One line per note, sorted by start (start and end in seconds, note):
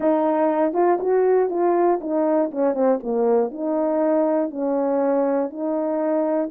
0.00 0.73 D#4
0.73 0.98 F4
1.00 1.49 F#4
1.49 1.99 F4
2.00 2.50 D#4
2.51 2.74 C#4
2.74 2.99 C4
3.03 3.50 A#3
3.50 4.50 D#4
4.50 5.50 C#4
5.50 6.50 D#4